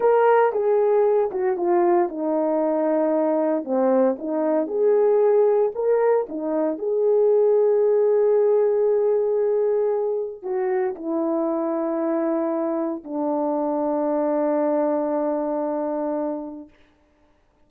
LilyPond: \new Staff \with { instrumentName = "horn" } { \time 4/4 \tempo 4 = 115 ais'4 gis'4. fis'8 f'4 | dis'2. c'4 | dis'4 gis'2 ais'4 | dis'4 gis'2.~ |
gis'1 | fis'4 e'2.~ | e'4 d'2.~ | d'1 | }